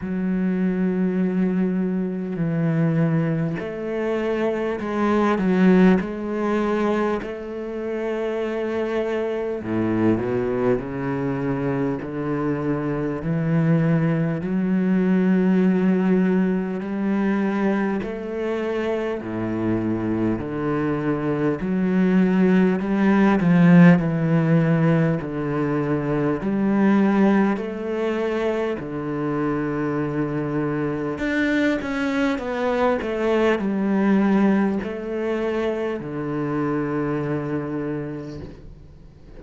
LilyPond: \new Staff \with { instrumentName = "cello" } { \time 4/4 \tempo 4 = 50 fis2 e4 a4 | gis8 fis8 gis4 a2 | a,8 b,8 cis4 d4 e4 | fis2 g4 a4 |
a,4 d4 fis4 g8 f8 | e4 d4 g4 a4 | d2 d'8 cis'8 b8 a8 | g4 a4 d2 | }